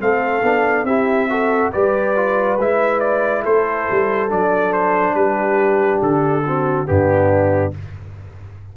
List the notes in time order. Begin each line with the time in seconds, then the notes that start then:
0.00 A3 C4 A4 F5
0.42 B3 D4
0.84 C4 E4 G4 E5
1.29 F#4 A4
1.73 G3 G4 B4 D5
2.16 F4
2.59 G#3 E4 E5
3.00 D5
3.43 A3 A4 C5
3.91 G3
4.29 F#3 D4 D5
4.73 C5
5.15 G3 G4 B4
6.02 D3 A4
6.46 C4 F#4
6.86 G2 B3 D4 G4